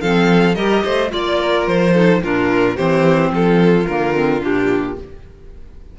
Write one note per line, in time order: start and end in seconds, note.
0.00 0.55 F3
0.00 0.54 C4
0.00 0.56 A4
0.00 0.54 F5
0.54 0.83 G3
0.54 1.08 G4
0.54 0.83 A#4
0.54 1.09 D#5
0.83 1.11 A3
0.83 1.11 C5
1.08 1.66 A#3
1.08 1.91 F4
1.08 1.39 D5
1.08 1.67 D5
1.39 1.93 A#4
1.66 2.21 F3
1.66 2.22 C5
1.93 2.21 D#4
1.93 2.21 A4
2.22 2.77 A#2
2.22 2.77 D4
2.22 2.76 F4
2.22 2.76 A#4
2.76 3.31 E3
2.76 3.87 C4
2.76 3.31 G4
2.76 3.31 C5
3.31 3.86 F3
3.31 4.98 F4
3.31 3.86 A4
3.86 4.41 D3
3.86 4.13 A#3
3.86 4.41 A#4
4.13 4.40 C4
4.40 4.96 A#2
4.40 4.95 D4
4.40 4.98 G4